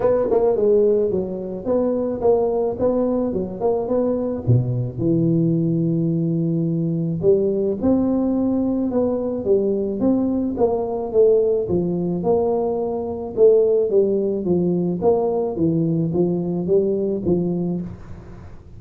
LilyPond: \new Staff \with { instrumentName = "tuba" } { \time 4/4 \tempo 4 = 108 b8 ais8 gis4 fis4 b4 | ais4 b4 fis8 ais8 b4 | b,4 e2.~ | e4 g4 c'2 |
b4 g4 c'4 ais4 | a4 f4 ais2 | a4 g4 f4 ais4 | e4 f4 g4 f4 | }